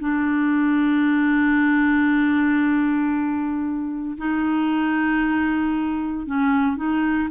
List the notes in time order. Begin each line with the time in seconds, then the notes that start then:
0.00 D4
4.18 D#4
6.27 C#4
6.77 D#4